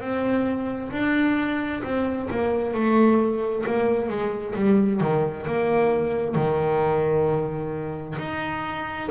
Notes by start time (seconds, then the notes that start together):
0.00 C4
0.91 D4
1.83 C4
2.31 A#3
2.74 A3
3.66 A#3
4.09 G#3
4.55 G3
5.00 D#3
5.46 A#3
6.35 D#3
8.18 D#4